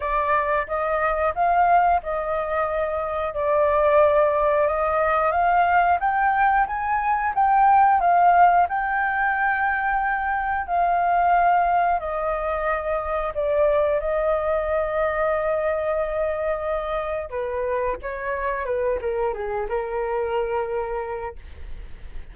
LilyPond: \new Staff \with { instrumentName = "flute" } { \time 4/4 \tempo 4 = 90 d''4 dis''4 f''4 dis''4~ | dis''4 d''2 dis''4 | f''4 g''4 gis''4 g''4 | f''4 g''2. |
f''2 dis''2 | d''4 dis''2.~ | dis''2 b'4 cis''4 | b'8 ais'8 gis'8 ais'2~ ais'8 | }